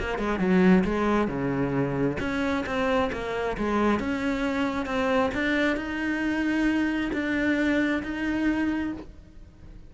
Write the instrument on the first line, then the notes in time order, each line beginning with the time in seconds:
cello
0.00 A#3
0.19 G#3
0.39 F#3
0.85 G#3
1.28 C#3
2.20 C#4
2.66 C4
3.13 A#3
3.58 G#3
4.00 C#4
4.86 C4
5.34 D4
5.77 D#4
7.13 D4
8.04 D#4